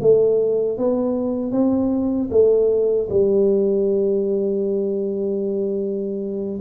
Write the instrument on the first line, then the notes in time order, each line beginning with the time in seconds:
tuba
0.00 A3
0.77 B3
1.51 C4
2.30 A3
3.09 G3